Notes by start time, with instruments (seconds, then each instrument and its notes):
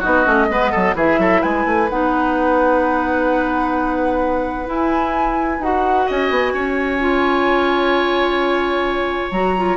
0.00 bassoon B3, clarinet D#4, oboe F#4, flute D#5
0.25 bassoon A3, clarinet C#4
0.49 bassoon G#3, clarinet B3, oboe B4
0.72 bassoon F#3, oboe A4
0.94 bassoon E3, clarinet E4, oboe G#4, flute E5
1.18 bassoon F#3, oboe A4
1.42 bassoon G#3, oboe B4, flute G#5
1.66 bassoon A3
1.90 bassoon B3, clarinet D#4, flute F#5
4.66 clarinet E4, bassoon E4, flute G#5
5.59 bassoon D#4, clarinet F#4, flute F#5
6.07 bassoon C#4, oboe D#5, flute G#5
6.31 bassoon B3
6.54 bassoon C#4, oboe C#5
7.00 clarinet F4
9.32 bassoon F#3, clarinet F#4, flute A#5
9.58 clarinet F4